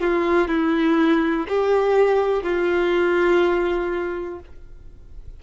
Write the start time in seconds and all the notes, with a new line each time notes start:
0.00 F4
0.48 E4
1.48 G4
2.43 F4